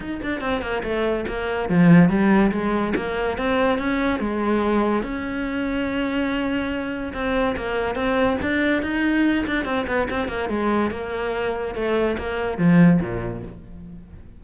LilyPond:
\new Staff \with { instrumentName = "cello" } { \time 4/4 \tempo 4 = 143 dis'8 d'8 c'8 ais8 a4 ais4 | f4 g4 gis4 ais4 | c'4 cis'4 gis2 | cis'1~ |
cis'4 c'4 ais4 c'4 | d'4 dis'4. d'8 c'8 b8 | c'8 ais8 gis4 ais2 | a4 ais4 f4 ais,4 | }